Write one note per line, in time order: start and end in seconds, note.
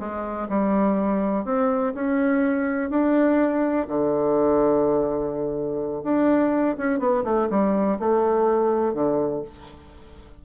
0.00 0.48 G#3
0.49 1.45 G3
1.45 1.94 C4
1.95 2.91 C#4
2.91 3.88 D4
3.89 6.04 D3
6.04 6.77 D4
6.78 7.00 C#4
7.00 7.24 B3
7.25 7.49 A3
7.50 7.99 G3
8.00 8.94 A3
8.94 9.42 D3